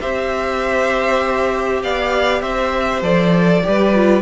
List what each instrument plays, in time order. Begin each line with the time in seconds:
0.00 cello C4, viola G4, violin C5 E5
1.83 cello B3, violin D5 F5
2.41 cello C4, violin C5 E5
3.02 cello F3, viola A4, violin D5
3.64 cello G3, viola G4, violin B4
3.94 viola F4